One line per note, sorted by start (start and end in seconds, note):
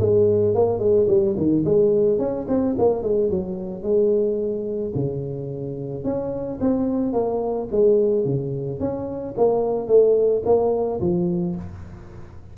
0.00 0.55 G#3
0.55 0.79 A#3
0.79 1.07 G#3
1.08 1.35 G3
1.37 1.64 D#3
1.65 2.19 G#3
2.19 2.46 C#4
2.48 2.76 C4
2.78 3.03 A#3
3.03 3.30 G#3
3.31 3.83 F#3
3.83 4.93 G#3
4.95 6.04 C#3
6.04 6.59 C#4
6.61 7.13 C4
7.13 7.68 A#3
7.71 8.25 G#3
8.25 8.80 C#3
8.80 9.35 C#4
9.37 9.88 A#3
9.88 10.43 A3
10.45 11.00 A#3
11.01 11.56 F3